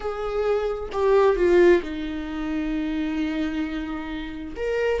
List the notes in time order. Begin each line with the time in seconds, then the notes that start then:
0.00 G#4
0.92 G4
1.36 F4
1.82 D#4
4.56 A#4